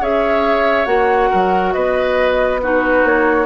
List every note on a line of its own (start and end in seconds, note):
0.00 0.86 C#4
0.00 0.86 G#4
0.00 1.30 C#5
0.00 0.86 E5
0.86 1.30 A#3
0.86 2.59 F#4
0.86 1.72 F#5
1.30 1.75 F#3
1.30 1.73 A#4
1.72 3.04 B3
1.72 2.61 B4
1.72 2.59 D#5
2.62 3.46 D#4
2.62 3.46 F#4
2.62 3.06 B4
3.04 3.46 A#3
3.04 3.46 C#5